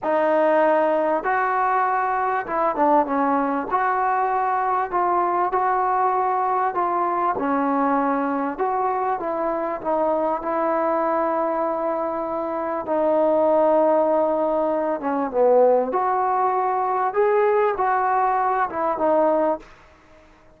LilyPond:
\new Staff \with { instrumentName = "trombone" } { \time 4/4 \tempo 4 = 98 dis'2 fis'2 | e'8 d'8 cis'4 fis'2 | f'4 fis'2 f'4 | cis'2 fis'4 e'4 |
dis'4 e'2.~ | e'4 dis'2.~ | dis'8 cis'8 b4 fis'2 | gis'4 fis'4. e'8 dis'4 | }